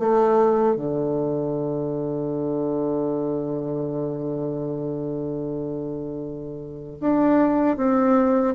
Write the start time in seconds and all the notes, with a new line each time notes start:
0.00 A3
0.77 D3
7.01 D4
7.77 C4